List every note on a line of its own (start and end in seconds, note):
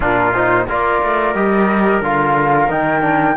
0.00 0.67 A#2
0.00 0.33 D4
0.00 0.66 F4
0.00 0.33 A#4
0.33 0.67 D#4
0.33 0.66 C5
0.67 1.02 A#3
0.67 1.34 F4
0.67 3.36 A#4
0.67 1.34 D5
1.02 1.34 A3
1.34 2.00 G3
1.34 2.02 G4
1.34 2.01 D#5
2.00 2.68 D3
2.00 2.69 F4
2.00 2.71 F5
2.69 3.36 D#3
2.69 3.02 D#4
2.69 3.36 G5
3.02 3.35 D4